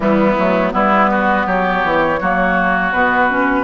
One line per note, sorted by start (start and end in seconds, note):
0.00 0.36 E3
0.00 0.35 G3
0.00 0.73 B3
0.00 0.70 E4
0.37 0.74 F#3
0.37 0.71 A3
0.71 1.46 G3
0.71 2.17 B3
0.71 1.10 E4
0.71 1.47 B4
1.11 1.46 F#4
1.46 1.83 F#3
1.46 2.19 G4
1.46 2.93 C#5
1.84 2.20 E3
2.20 2.93 F#3
2.20 2.93 A#3
2.20 3.63 F#4
2.93 3.63 B2
2.93 3.29 B3
2.93 3.63 B4
3.29 3.63 C#4